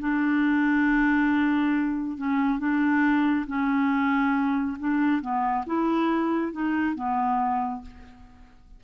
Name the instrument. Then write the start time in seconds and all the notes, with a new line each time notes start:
clarinet
0.00 D4
2.18 C#4
2.59 D4
3.47 C#4
4.79 D4
5.21 B3
5.67 E4
6.52 D#4
6.95 B3